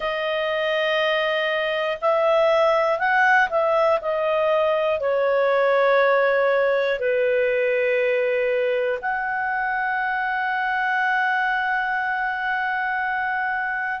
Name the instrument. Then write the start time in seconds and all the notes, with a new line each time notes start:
clarinet
0.00 D#5
2.01 E5
2.99 F#5
3.50 E5
4.01 D#5
5.00 C#5
6.99 B4
9.01 F#5